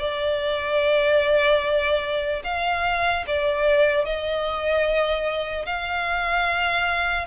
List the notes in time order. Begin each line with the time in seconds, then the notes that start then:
0.00 D5
2.44 F5
3.27 D5
4.05 D#5
5.66 F5